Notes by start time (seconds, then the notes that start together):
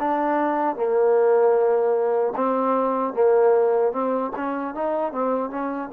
0.00 D4
0.76 A#3
2.36 C4
3.14 A#3
3.93 C4
4.36 C#4
4.75 D#4
5.12 C4
5.50 C#4